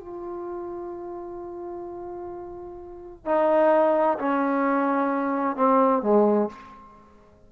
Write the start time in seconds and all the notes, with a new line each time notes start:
0.00 F4
3.26 D#4
4.19 C#4
5.57 C4
6.03 G#3